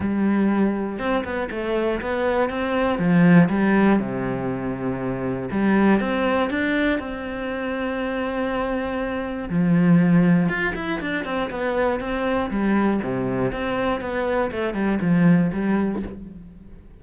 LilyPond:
\new Staff \with { instrumentName = "cello" } { \time 4/4 \tempo 4 = 120 g2 c'8 b8 a4 | b4 c'4 f4 g4 | c2. g4 | c'4 d'4 c'2~ |
c'2. f4~ | f4 f'8 e'8 d'8 c'8 b4 | c'4 g4 c4 c'4 | b4 a8 g8 f4 g4 | }